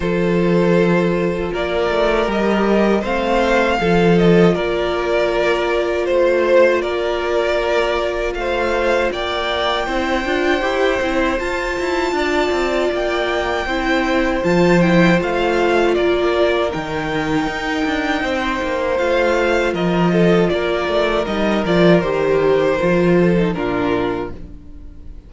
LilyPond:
<<
  \new Staff \with { instrumentName = "violin" } { \time 4/4 \tempo 4 = 79 c''2 d''4 dis''4 | f''4. dis''8 d''2 | c''4 d''2 f''4 | g''2. a''4~ |
a''4 g''2 a''8 g''8 | f''4 d''4 g''2~ | g''4 f''4 dis''4 d''4 | dis''8 d''8 c''2 ais'4 | }
  \new Staff \with { instrumentName = "violin" } { \time 4/4 a'2 ais'2 | c''4 a'4 ais'2 | c''4 ais'2 c''4 | d''4 c''2. |
d''2 c''2~ | c''4 ais'2. | c''2 ais'8 a'8 ais'4~ | ais'2~ ais'8 a'8 f'4 | }
  \new Staff \with { instrumentName = "viola" } { \time 4/4 f'2. g'4 | c'4 f'2.~ | f'1~ | f'4 e'8 f'8 g'8 e'8 f'4~ |
f'2 e'4 f'8 e'8 | f'2 dis'2~ | dis'4 f'2. | dis'8 f'8 g'4 f'8. dis'16 d'4 | }
  \new Staff \with { instrumentName = "cello" } { \time 4/4 f2 ais8 a8 g4 | a4 f4 ais2 | a4 ais2 a4 | ais4 c'8 d'8 e'8 c'8 f'8 e'8 |
d'8 c'8 ais4 c'4 f4 | a4 ais4 dis4 dis'8 d'8 | c'8 ais8 a4 f4 ais8 a8 | g8 f8 dis4 f4 ais,4 | }
>>